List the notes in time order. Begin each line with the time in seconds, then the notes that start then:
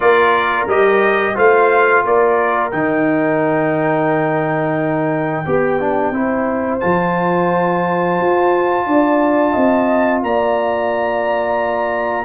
0.00 A#3 F4 A#4 D5
0.66 G3 G4 D#5
1.34 A3 F4 C5 F5
2.05 A#3 A#4 D5
2.70 D#3 D#4 G5
5.45 B3 G4
5.80 D4
6.11 C4 E4 C5
6.79 F3 F4 A5
8.19 F4
8.86 D4 D5
9.52 C4 D#5
10.22 A#3 D5 A#5